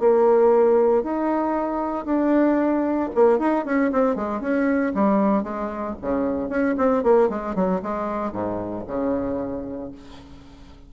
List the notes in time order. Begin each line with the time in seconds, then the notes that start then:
0.00 A#3
1.03 D#4
2.05 D4
3.15 A#3
3.39 D#4
3.65 C#4
3.92 C4
4.16 G#3
4.41 C#4
4.94 G3
5.43 G#3
6.01 C#3
6.49 C#4
6.78 C4
7.03 A#3
7.29 G#3
7.55 F#3
7.82 G#3
8.32 G#2
8.87 C#3